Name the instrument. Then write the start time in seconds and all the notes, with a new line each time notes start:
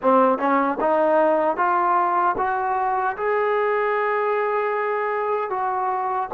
trombone
0.02 C4
0.38 C#4
0.80 D#4
1.56 F4
2.37 F#4
3.16 G#4
5.50 F#4